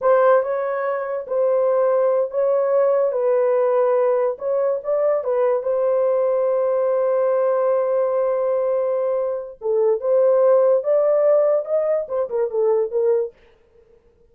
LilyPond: \new Staff \with { instrumentName = "horn" } { \time 4/4 \tempo 4 = 144 c''4 cis''2 c''4~ | c''4. cis''2 b'8~ | b'2~ b'8 cis''4 d''8~ | d''8 b'4 c''2~ c''8~ |
c''1~ | c''2. a'4 | c''2 d''2 | dis''4 c''8 ais'8 a'4 ais'4 | }